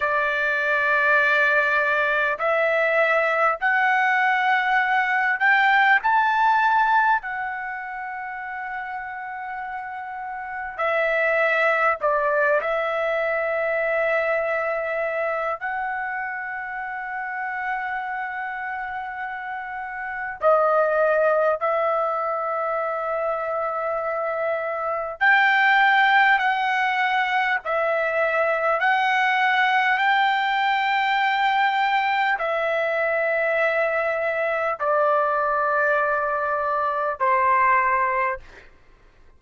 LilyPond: \new Staff \with { instrumentName = "trumpet" } { \time 4/4 \tempo 4 = 50 d''2 e''4 fis''4~ | fis''8 g''8 a''4 fis''2~ | fis''4 e''4 d''8 e''4.~ | e''4 fis''2.~ |
fis''4 dis''4 e''2~ | e''4 g''4 fis''4 e''4 | fis''4 g''2 e''4~ | e''4 d''2 c''4 | }